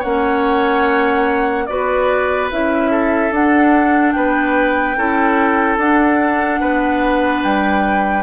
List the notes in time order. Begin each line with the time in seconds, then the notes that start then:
0.00 A#3 C#4 C#5 F#5
1.67 B3 F#4 B4 D5
2.51 C#4 E4 E5
2.91 A4
3.32 D4 F#5
4.13 B3 B4 G5
4.97 C#4 E4 A4
5.78 D4 F#5
6.60 B3 B4
7.42 G3 G5